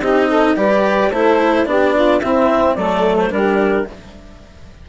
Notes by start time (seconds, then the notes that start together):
0.00 C4 D#4 G4 D#5
0.28 A4
0.56 G3 G4 B4 D5
1.10 A3 E4 A4 C5
1.65 B3 D4 G4 D5
1.95 F4
2.21 C4 E4 E5
2.75 F#3 A3 A4 D5
3.18 C5
3.30 G3 D4 G4 A#4